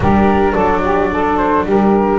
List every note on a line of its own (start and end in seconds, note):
0.00 0.53 G3
0.00 2.19 D4
0.00 0.53 G4
0.00 0.54 A#4
0.53 1.65 F#3
0.53 0.80 A4
0.53 1.37 D5
0.83 1.10 G4
1.11 1.65 A4
1.37 1.64 C5
1.65 2.19 G3
1.65 2.19 G4
1.65 2.19 A#4